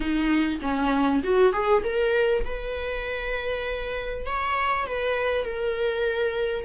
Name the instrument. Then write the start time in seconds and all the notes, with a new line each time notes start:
viola
0.00 D#4
0.61 C#4
1.23 F#4
1.52 G#4
1.83 A#4
2.45 B4
4.26 C#5
4.87 B4
5.44 A#4